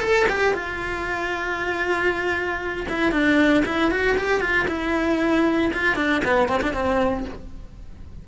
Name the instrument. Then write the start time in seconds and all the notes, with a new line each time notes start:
cello
0.00 A4
0.29 G4
0.53 F4
2.89 E4
3.12 D4
3.65 E4
3.91 F#4
4.17 G4
4.40 F4
4.68 E4
5.73 F4
5.96 D4
6.24 B3
6.48 C4
6.62 D4
6.73 C4